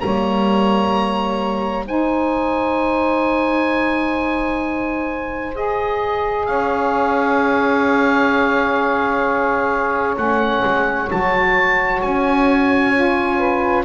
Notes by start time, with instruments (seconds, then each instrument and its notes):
0.00 double bass G3, saxophone A#3 C#5, oboe A#5
1.85 double bass G#3, saxophone D#4 C5, oboe G#5
5.54 saxophone G#4, oboe D#5
6.46 double bass C#4, saxophone C#5, oboe F5
10.15 double bass A3, saxophone C#4, oboe F#5
10.64 double bass G#3
11.08 double bass F#3, saxophone F#4, oboe A5
12.01 double bass C#4, oboe G#5
12.94 saxophone F4
13.38 saxophone B4